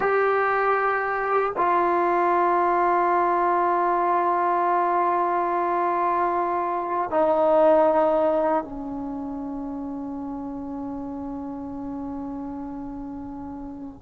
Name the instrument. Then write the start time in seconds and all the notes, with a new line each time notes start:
trombone
0.00 G4
1.56 F4
7.10 D#4
8.63 C#4